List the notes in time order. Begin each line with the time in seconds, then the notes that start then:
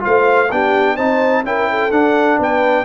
0.00 A3 F4 C5 F5
0.51 B3 D4 G4 G5
0.95 C4 D#4 C5 A5
1.44 C#4 E4 A#4 G5
1.70 A4
1.91 D4 F#5
2.39 B3 B4 G5